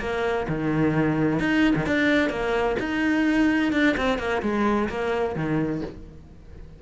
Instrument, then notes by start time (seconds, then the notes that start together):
cello
0.00 A#3
0.48 D#3
1.40 D#4
1.76 D#3
1.86 D4
2.30 A#3
2.79 D#4
3.73 D4
3.97 C4
4.19 A#3
4.42 G#3
4.89 A#3
5.36 D#3